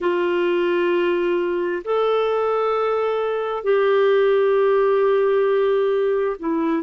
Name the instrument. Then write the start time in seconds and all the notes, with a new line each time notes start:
clarinet
0.00 F4
1.84 A4
3.63 G4
6.39 E4